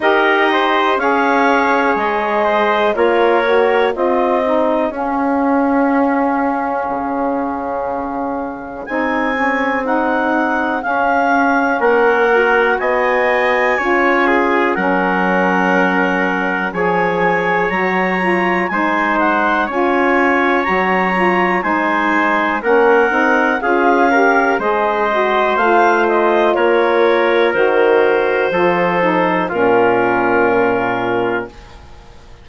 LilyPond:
<<
  \new Staff \with { instrumentName = "clarinet" } { \time 4/4 \tempo 4 = 61 dis''4 f''4 dis''4 cis''4 | dis''4 f''2.~ | f''4 gis''4 fis''4 f''4 | fis''4 gis''2 fis''4~ |
fis''4 gis''4 ais''4 gis''8 fis''8 | gis''4 ais''4 gis''4 fis''4 | f''4 dis''4 f''8 dis''8 cis''4 | c''2 ais'2 | }
  \new Staff \with { instrumentName = "trumpet" } { \time 4/4 ais'8 c''8 cis''4. c''8 ais'4 | gis'1~ | gis'1 | ais'4 dis''4 cis''8 gis'8 ais'4~ |
ais'4 cis''2 c''4 | cis''2 c''4 ais'4 | gis'8 ais'8 c''2 ais'4~ | ais'4 a'4 f'2 | }
  \new Staff \with { instrumentName = "saxophone" } { \time 4/4 g'4 gis'2 f'8 fis'8 | f'8 dis'8 cis'2.~ | cis'4 dis'8 cis'8 dis'4 cis'4~ | cis'8 fis'4. f'4 cis'4~ |
cis'4 gis'4 fis'8 f'8 dis'4 | f'4 fis'8 f'8 dis'4 cis'8 dis'8 | f'8 g'8 gis'8 fis'8 f'2 | fis'4 f'8 dis'8 cis'2 | }
  \new Staff \with { instrumentName = "bassoon" } { \time 4/4 dis'4 cis'4 gis4 ais4 | c'4 cis'2 cis4~ | cis4 c'2 cis'4 | ais4 b4 cis'4 fis4~ |
fis4 f4 fis4 gis4 | cis'4 fis4 gis4 ais8 c'8 | cis'4 gis4 a4 ais4 | dis4 f4 ais,2 | }
>>